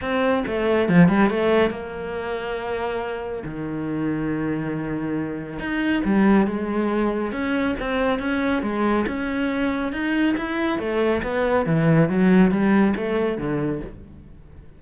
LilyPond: \new Staff \with { instrumentName = "cello" } { \time 4/4 \tempo 4 = 139 c'4 a4 f8 g8 a4 | ais1 | dis1~ | dis4 dis'4 g4 gis4~ |
gis4 cis'4 c'4 cis'4 | gis4 cis'2 dis'4 | e'4 a4 b4 e4 | fis4 g4 a4 d4 | }